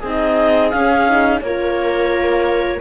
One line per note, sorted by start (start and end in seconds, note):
0.00 0.72 C4
0.00 0.74 D#4
0.00 1.40 G#4
0.00 0.70 D#5
0.70 1.41 C#4
0.70 1.06 C#4
0.70 1.40 F5
1.06 1.41 D#4
1.41 2.80 A#3
1.41 2.80 F4
1.41 2.80 A#4
1.41 2.80 C#5